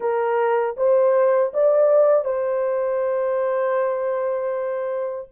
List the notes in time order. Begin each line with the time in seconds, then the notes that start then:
0.00 A#4
0.77 C5
1.53 D5
2.24 C5